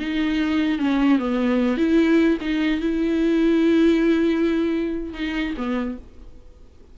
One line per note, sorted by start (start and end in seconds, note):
0.00 0.79 D#4
0.79 1.19 C#4
1.19 1.77 B3
1.77 2.38 E4
2.41 2.81 D#4
2.81 5.14 E4
5.14 5.54 D#4
5.57 5.98 B3